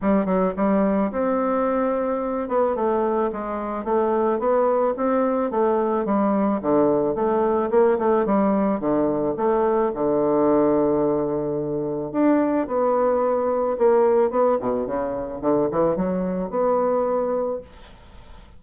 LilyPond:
\new Staff \with { instrumentName = "bassoon" } { \time 4/4 \tempo 4 = 109 g8 fis8 g4 c'2~ | c'8 b8 a4 gis4 a4 | b4 c'4 a4 g4 | d4 a4 ais8 a8 g4 |
d4 a4 d2~ | d2 d'4 b4~ | b4 ais4 b8 b,8 cis4 | d8 e8 fis4 b2 | }